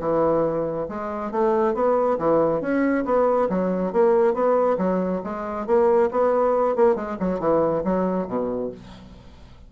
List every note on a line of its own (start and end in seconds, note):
0.00 0.87 E3
0.89 1.31 G#3
1.31 1.74 A3
1.74 2.18 B3
2.18 2.61 E3
2.61 3.05 C#4
3.05 3.49 B3
3.49 3.93 F#3
3.93 4.34 A#3
4.34 4.77 B3
4.78 5.21 F#3
5.24 5.66 G#3
5.66 6.10 A#3
6.11 6.76 B3
6.76 6.95 A#3
6.95 7.17 G#3
7.20 7.39 F#3
7.39 7.83 E3
7.84 8.27 F#3
8.28 8.71 B2